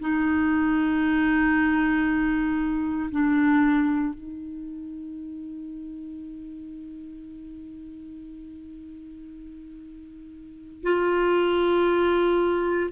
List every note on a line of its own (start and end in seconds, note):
0.00 3.10 D#4
3.12 4.15 D4
4.15 10.83 D#4
10.83 12.90 F4